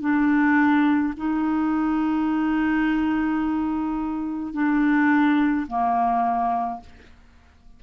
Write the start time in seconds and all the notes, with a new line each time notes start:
0.00 D4
1.16 D#4
4.53 D4
5.67 A#3